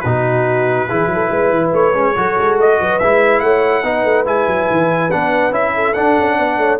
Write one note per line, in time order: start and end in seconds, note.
0.00 0.88 B2
0.00 0.88 D#4
0.00 0.88 F#4
0.00 1.69 B4
0.88 1.06 E3
0.88 1.94 E4
0.88 1.10 G#4
1.06 1.27 F#3
1.13 1.29 A4
1.29 1.49 G#3
1.29 2.14 B4
1.49 1.70 E3
1.72 1.93 A3
1.72 2.58 C#5
1.93 2.14 G#3
1.93 2.15 C#4
2.15 2.37 F#3
2.15 3.00 F#4
2.15 2.80 A4
2.39 2.58 G#3
2.58 2.79 A3
2.58 2.98 D#5
2.80 3.01 F#3
2.80 3.42 B4
2.98 3.41 G#3
2.98 3.83 E4
2.98 3.40 E5
3.40 3.83 A3
3.40 3.84 C#5
3.40 4.24 F#5
3.83 4.04 B3
3.83 4.25 D#4
3.83 5.74 B4
4.04 4.25 A3
4.25 4.46 G#3
4.25 5.10 E4
4.25 5.11 G#5
4.47 4.68 F#3
4.71 5.13 E3
5.11 5.50 B3
5.11 5.52 D4
5.11 5.53 F#5
5.50 5.92 C#4
5.50 5.94 E4
5.50 5.93 E5
5.74 6.37 A4
5.93 6.79 D4
5.93 6.18 D4
5.93 6.78 F#5
6.18 6.38 C#4
6.37 6.57 B3
6.37 6.58 D5
6.57 6.78 A3
6.57 6.79 C#5